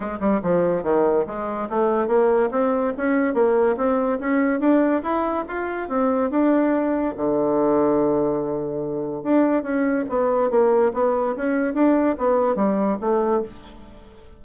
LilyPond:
\new Staff \with { instrumentName = "bassoon" } { \time 4/4 \tempo 4 = 143 gis8 g8 f4 dis4 gis4 | a4 ais4 c'4 cis'4 | ais4 c'4 cis'4 d'4 | e'4 f'4 c'4 d'4~ |
d'4 d2.~ | d2 d'4 cis'4 | b4 ais4 b4 cis'4 | d'4 b4 g4 a4 | }